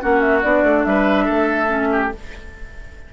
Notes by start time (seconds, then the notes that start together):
0.00 A#3 C#4 F#4 F#5
0.20 E5
0.42 B3 D4 D5
0.63 A3
0.84 G3 B4 E5
1.24 A3 A4
1.67 C#4
1.92 G4